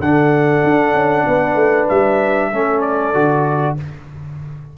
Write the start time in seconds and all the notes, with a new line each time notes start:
0.00 D3 D4 A4 F#5
0.64 D4
0.94 C#4
1.27 B3 B4
1.56 A3
1.89 G3 E5
2.51 A3 C#4 A4
2.82 D5
3.14 D3 F#4